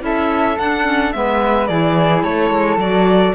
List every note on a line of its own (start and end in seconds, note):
0.00 0.58 C#4
0.00 0.56 E4
0.00 1.16 A4
0.00 0.59 E5
0.59 0.83 D4
0.59 1.15 D4
0.59 1.13 F#5
0.83 1.11 C#4
1.13 1.69 G#3
1.13 1.68 B3
1.13 1.70 B4
1.13 1.67 E5
1.67 2.24 E3
1.67 2.80 E4
1.67 2.24 G#4
1.67 2.23 D5
2.23 2.50 A3
2.23 3.35 A4
2.23 2.79 C#5
2.50 2.77 G#3
2.77 3.33 F#3
2.77 3.35 F#4
2.77 3.35 D5